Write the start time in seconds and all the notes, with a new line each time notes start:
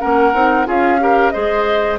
0.00 A#3 C#4 A#4 F#5
0.34 C4 D#4
0.66 C#4 F4 G#4 F5
1.00 G4 A#4
1.31 G#3 G#4 C5 D#5